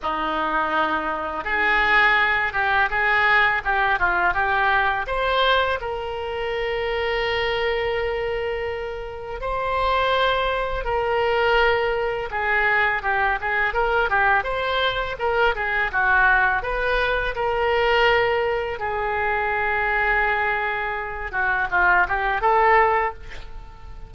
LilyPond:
\new Staff \with { instrumentName = "oboe" } { \time 4/4 \tempo 4 = 83 dis'2 gis'4. g'8 | gis'4 g'8 f'8 g'4 c''4 | ais'1~ | ais'4 c''2 ais'4~ |
ais'4 gis'4 g'8 gis'8 ais'8 g'8 | c''4 ais'8 gis'8 fis'4 b'4 | ais'2 gis'2~ | gis'4. fis'8 f'8 g'8 a'4 | }